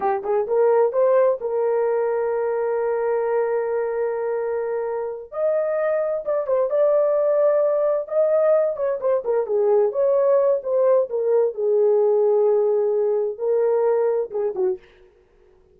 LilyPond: \new Staff \with { instrumentName = "horn" } { \time 4/4 \tempo 4 = 130 g'8 gis'8 ais'4 c''4 ais'4~ | ais'1~ | ais'2.~ ais'8 dis''8~ | dis''4. d''8 c''8 d''4.~ |
d''4. dis''4. cis''8 c''8 | ais'8 gis'4 cis''4. c''4 | ais'4 gis'2.~ | gis'4 ais'2 gis'8 fis'8 | }